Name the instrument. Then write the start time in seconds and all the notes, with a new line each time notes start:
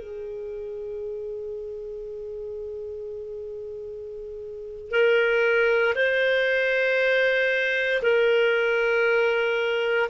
clarinet
0.00 G#4
4.91 A#4
5.95 C5
8.03 A#4